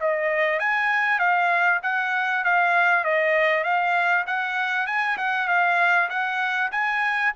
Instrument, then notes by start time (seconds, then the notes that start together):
trumpet
0.00 D#5
0.60 G#5
1.19 F5
1.83 F#5
2.44 F5
3.04 D#5
3.64 F5
4.27 F#5
4.87 G#5
5.18 F#5
5.48 F5
6.10 F#5
6.72 G#5